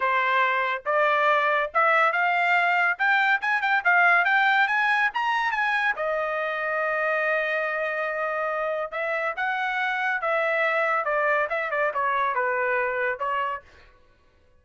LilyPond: \new Staff \with { instrumentName = "trumpet" } { \time 4/4 \tempo 4 = 141 c''2 d''2 | e''4 f''2 g''4 | gis''8 g''8 f''4 g''4 gis''4 | ais''4 gis''4 dis''2~ |
dis''1~ | dis''4 e''4 fis''2 | e''2 d''4 e''8 d''8 | cis''4 b'2 cis''4 | }